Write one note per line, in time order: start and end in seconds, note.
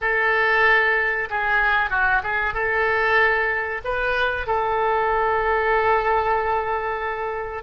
0.01 1.28 A4
1.29 1.89 G#4
1.89 2.21 F#4
2.23 2.54 G#4
2.54 3.81 A4
3.84 4.46 B4
4.46 7.63 A4